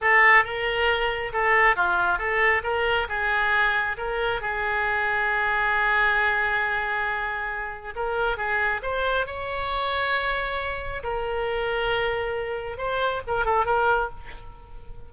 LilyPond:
\new Staff \with { instrumentName = "oboe" } { \time 4/4 \tempo 4 = 136 a'4 ais'2 a'4 | f'4 a'4 ais'4 gis'4~ | gis'4 ais'4 gis'2~ | gis'1~ |
gis'2 ais'4 gis'4 | c''4 cis''2.~ | cis''4 ais'2.~ | ais'4 c''4 ais'8 a'8 ais'4 | }